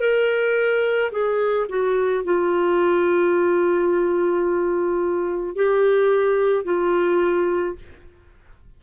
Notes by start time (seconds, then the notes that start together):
0.00 A#4
1.11 G#4
1.69 F#4
2.24 F4
5.56 G4
6.64 F4